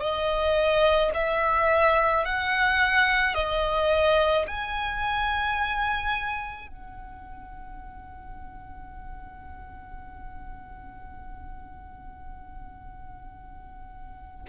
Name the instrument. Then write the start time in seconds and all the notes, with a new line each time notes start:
violin
0.00 D#5
1.14 E5
2.25 F#5
3.34 D#5
4.47 G#5
6.68 F#5